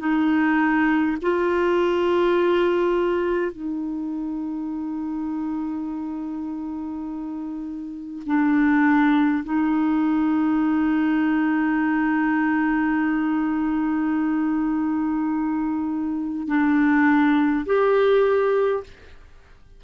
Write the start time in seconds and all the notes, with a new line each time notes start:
0.00 D#4
1.22 F4
3.52 D#4
8.26 D4
9.44 D#4
16.48 D4
17.66 G4